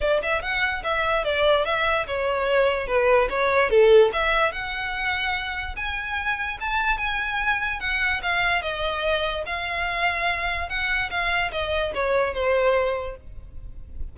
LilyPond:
\new Staff \with { instrumentName = "violin" } { \time 4/4 \tempo 4 = 146 d''8 e''8 fis''4 e''4 d''4 | e''4 cis''2 b'4 | cis''4 a'4 e''4 fis''4~ | fis''2 gis''2 |
a''4 gis''2 fis''4 | f''4 dis''2 f''4~ | f''2 fis''4 f''4 | dis''4 cis''4 c''2 | }